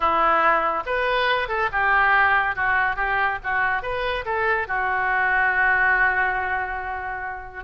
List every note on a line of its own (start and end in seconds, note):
0.00 0.83 E4
0.85 1.48 B4
1.48 1.69 A4
1.72 2.55 G4
2.55 2.96 F#4
2.96 3.38 G4
3.43 3.82 F#4
3.82 4.25 B4
4.25 4.67 A4
4.67 7.64 F#4